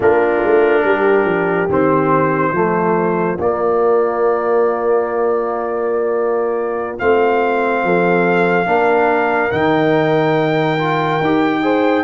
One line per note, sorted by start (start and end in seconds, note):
0.00 0.42 A#3
0.00 1.69 D4
0.00 0.83 F4
0.00 1.70 A#4
0.44 0.84 A3
0.84 1.24 G3
0.84 2.53 G4
1.24 1.67 F3
1.68 2.52 D#3
1.68 2.54 C4
1.68 3.40 C5
2.52 3.36 F3
2.52 3.38 A3
2.52 7.81 F4
3.38 6.98 A#3
3.38 6.98 D5
6.98 7.83 A3
6.98 8.65 C4
6.98 9.51 F5
7.83 8.66 F3
7.83 8.68 A4
8.65 9.50 A#3
8.65 9.50 D4
8.65 11.62 A#4
9.50 11.20 D#3
9.50 10.77 D#4
9.50 12.03 G5
10.78 11.20 F4
11.20 12.03 D#4
11.20 11.62 G4
11.62 12.03 G#4
11.62 12.03 C5